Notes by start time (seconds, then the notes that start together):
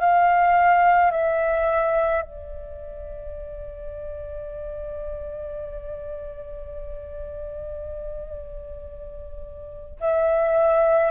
0.00 F5
1.11 E5
2.21 D5
10.00 E5